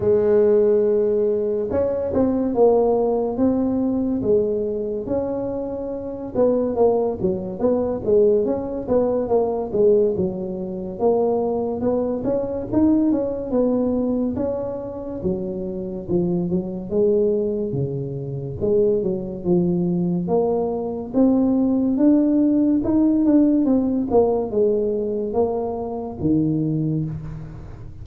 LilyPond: \new Staff \with { instrumentName = "tuba" } { \time 4/4 \tempo 4 = 71 gis2 cis'8 c'8 ais4 | c'4 gis4 cis'4. b8 | ais8 fis8 b8 gis8 cis'8 b8 ais8 gis8 | fis4 ais4 b8 cis'8 dis'8 cis'8 |
b4 cis'4 fis4 f8 fis8 | gis4 cis4 gis8 fis8 f4 | ais4 c'4 d'4 dis'8 d'8 | c'8 ais8 gis4 ais4 dis4 | }